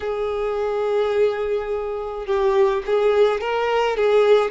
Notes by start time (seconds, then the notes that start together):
0.00 G#4
2.26 G4
2.86 G#4
3.40 A#4
3.96 G#4